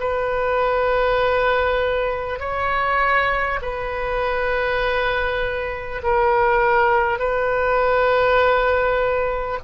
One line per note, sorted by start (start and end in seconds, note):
0.00 2.39 B4
2.39 3.59 C#5
3.62 6.02 B4
6.03 7.19 A#4
7.19 9.59 B4